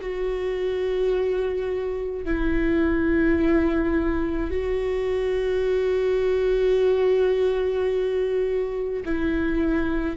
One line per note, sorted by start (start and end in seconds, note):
0.00 2.24 F#4
2.24 4.50 E4
4.50 9.03 F#4
9.05 10.16 E4